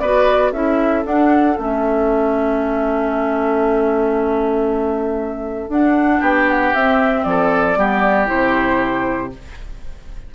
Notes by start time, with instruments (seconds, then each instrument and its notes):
0.00 bassoon B3, clarinet F#4, oboe B4, flute D5
0.52 bassoon C#4, clarinet E4, oboe A4, flute E5
1.04 clarinet D4, bassoon D4, flute F#5
1.58 bassoon A3, clarinet C#4, flute E5
5.69 bassoon D4, clarinet D4, flute F#5
6.20 bassoon B3, oboe G4, flute G5
6.50 flute F#5
6.74 bassoon C4, clarinet C4, flute E5
7.24 bassoon F3, oboe A4, flute D5
7.76 bassoon G3, clarinet B3, oboe G4
8.27 bassoon C3, clarinet E4, flute C5